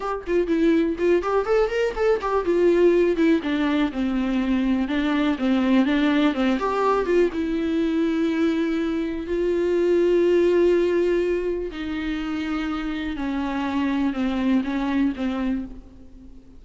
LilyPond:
\new Staff \with { instrumentName = "viola" } { \time 4/4 \tempo 4 = 123 g'8 f'8 e'4 f'8 g'8 a'8 ais'8 | a'8 g'8 f'4. e'8 d'4 | c'2 d'4 c'4 | d'4 c'8 g'4 f'8 e'4~ |
e'2. f'4~ | f'1 | dis'2. cis'4~ | cis'4 c'4 cis'4 c'4 | }